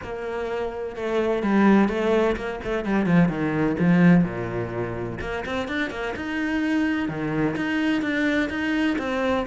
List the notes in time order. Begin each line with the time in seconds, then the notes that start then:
0.03 A#3
0.96 A3
1.42 G3
1.88 A3
2.36 A#3
2.64 A3
2.84 G3
3.06 F3
3.29 D#3
3.79 F3
4.24 A#2
5.20 A#3
5.45 C4
5.67 D4
5.90 A#3
6.16 D#4
7.08 D#3
7.56 D#4
8.02 D4
8.49 D#4
8.98 C4